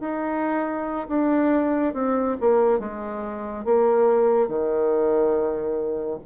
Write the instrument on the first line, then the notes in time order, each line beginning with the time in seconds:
bassoon
0.00 D#4
1.08 D4
1.94 C4
2.41 A#3
2.79 G#3
3.65 A#3
4.48 D#3